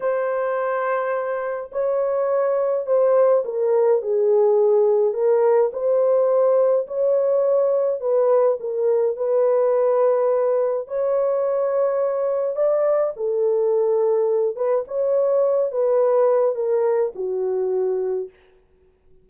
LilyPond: \new Staff \with { instrumentName = "horn" } { \time 4/4 \tempo 4 = 105 c''2. cis''4~ | cis''4 c''4 ais'4 gis'4~ | gis'4 ais'4 c''2 | cis''2 b'4 ais'4 |
b'2. cis''4~ | cis''2 d''4 a'4~ | a'4. b'8 cis''4. b'8~ | b'4 ais'4 fis'2 | }